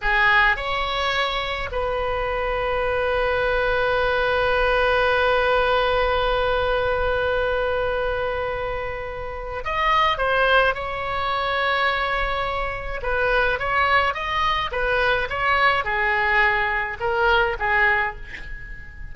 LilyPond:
\new Staff \with { instrumentName = "oboe" } { \time 4/4 \tempo 4 = 106 gis'4 cis''2 b'4~ | b'1~ | b'1~ | b'1~ |
b'4 dis''4 c''4 cis''4~ | cis''2. b'4 | cis''4 dis''4 b'4 cis''4 | gis'2 ais'4 gis'4 | }